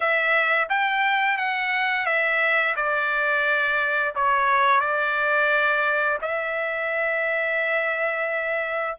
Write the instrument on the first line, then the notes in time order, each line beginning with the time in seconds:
trumpet
0.00 E5
0.69 G5
1.37 F#5
2.06 E5
2.76 D5
4.15 C#5
4.80 D5
6.21 E5